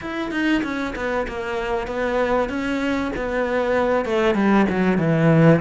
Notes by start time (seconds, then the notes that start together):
0.01 E4
0.31 D#4
0.63 C#4
0.95 B3
1.27 A#3
1.87 B3
2.49 C#4
3.16 B3
4.05 A3
4.34 G3
4.69 F#3
4.98 E3